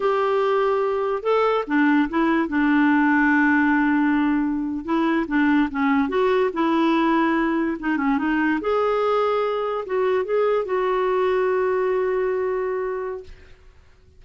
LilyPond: \new Staff \with { instrumentName = "clarinet" } { \time 4/4 \tempo 4 = 145 g'2. a'4 | d'4 e'4 d'2~ | d'2.~ d'8. e'16~ | e'8. d'4 cis'4 fis'4 e'16~ |
e'2~ e'8. dis'8 cis'8 dis'16~ | dis'8. gis'2. fis'16~ | fis'8. gis'4 fis'2~ fis'16~ | fis'1 | }